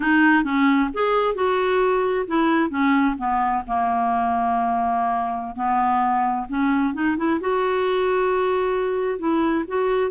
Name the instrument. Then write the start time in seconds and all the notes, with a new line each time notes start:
clarinet
0.00 D#4
0.44 C#4
0.93 G#4
1.35 F#4
2.27 E4
2.69 C#4
3.17 B3
3.67 A#3
5.55 B3
6.49 C#4
6.94 D#4
7.17 E4
7.40 F#4
9.18 E4
9.67 F#4